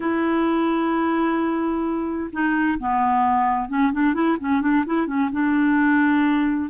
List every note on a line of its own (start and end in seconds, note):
0.00 2.30 E4
2.32 2.78 D#4
2.79 3.68 B3
3.68 3.91 C#4
3.92 4.14 D4
4.14 4.37 E4
4.40 4.61 C#4
4.61 4.84 D4
4.86 5.06 E4
5.06 5.29 C#4
5.32 6.70 D4